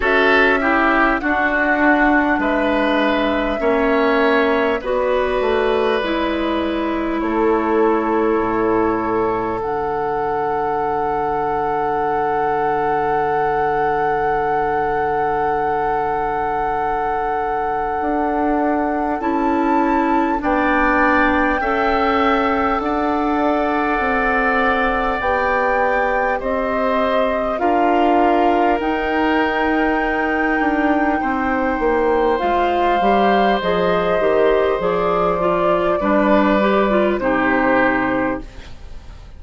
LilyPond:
<<
  \new Staff \with { instrumentName = "flute" } { \time 4/4 \tempo 4 = 50 e''4 fis''4 e''2 | d''2 cis''2 | fis''1~ | fis''1 |
a''4 g''2 fis''4~ | fis''4 g''4 dis''4 f''4 | g''2. f''4 | dis''4 d''2 c''4 | }
  \new Staff \with { instrumentName = "oboe" } { \time 4/4 a'8 g'8 fis'4 b'4 cis''4 | b'2 a'2~ | a'1~ | a'1~ |
a'4 d''4 e''4 d''4~ | d''2 c''4 ais'4~ | ais'2 c''2~ | c''2 b'4 g'4 | }
  \new Staff \with { instrumentName = "clarinet" } { \time 4/4 fis'8 e'8 d'2 cis'4 | fis'4 e'2. | d'1~ | d'1 |
e'4 d'4 a'2~ | a'4 g'2 f'4 | dis'2. f'8 g'8 | gis'8 g'8 gis'8 f'8 d'8 g'16 f'16 dis'4 | }
  \new Staff \with { instrumentName = "bassoon" } { \time 4/4 cis'4 d'4 gis4 ais4 | b8 a8 gis4 a4 a,4 | d1~ | d2. d'4 |
cis'4 b4 cis'4 d'4 | c'4 b4 c'4 d'4 | dis'4. d'8 c'8 ais8 gis8 g8 | f8 dis8 f4 g4 c4 | }
>>